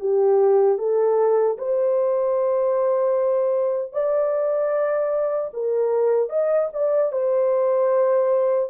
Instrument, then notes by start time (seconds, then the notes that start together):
horn
0.00 G4
0.78 A4
1.58 C5
3.93 D5
5.53 A#4
6.29 D#5
6.73 D5
7.12 C5